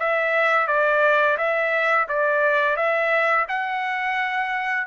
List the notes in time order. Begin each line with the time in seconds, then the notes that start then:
0.00 E5
0.68 D5
1.38 E5
2.09 D5
2.77 E5
3.49 F#5